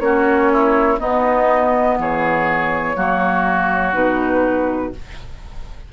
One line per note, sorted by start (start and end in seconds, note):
0.00 0.98 A#3
0.00 0.99 C#4
0.00 0.52 F#4
0.00 0.99 C#5
0.52 1.00 E4
1.00 2.95 B3
1.00 1.98 B3
1.00 1.98 D#4
1.00 1.98 D#5
1.98 2.96 E3
1.98 2.96 G#4
1.98 3.94 C#5
2.95 3.94 F#3
2.95 3.93 A#3
2.95 4.93 F#4
3.93 4.93 B2
3.93 4.92 D#4
3.93 4.93 B4